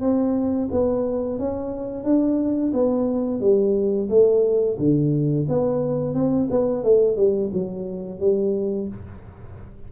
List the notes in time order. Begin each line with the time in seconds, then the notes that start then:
0.00 C4
0.71 B3
1.39 C#4
2.04 D4
2.73 B3
3.40 G3
4.09 A3
4.78 D3
5.48 B3
6.14 C4
6.50 B3
6.83 A3
7.16 G3
7.52 F#3
8.19 G3